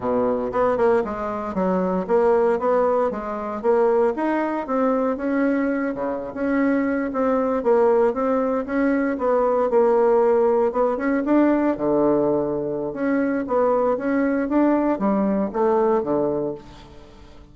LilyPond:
\new Staff \with { instrumentName = "bassoon" } { \time 4/4 \tempo 4 = 116 b,4 b8 ais8 gis4 fis4 | ais4 b4 gis4 ais4 | dis'4 c'4 cis'4. cis8~ | cis16 cis'4. c'4 ais4 c'16~ |
c'8. cis'4 b4 ais4~ ais16~ | ais8. b8 cis'8 d'4 d4~ d16~ | d4 cis'4 b4 cis'4 | d'4 g4 a4 d4 | }